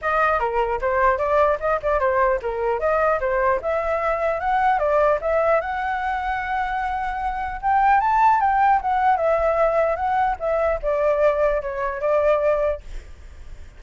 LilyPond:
\new Staff \with { instrumentName = "flute" } { \time 4/4 \tempo 4 = 150 dis''4 ais'4 c''4 d''4 | dis''8 d''8 c''4 ais'4 dis''4 | c''4 e''2 fis''4 | d''4 e''4 fis''2~ |
fis''2. g''4 | a''4 g''4 fis''4 e''4~ | e''4 fis''4 e''4 d''4~ | d''4 cis''4 d''2 | }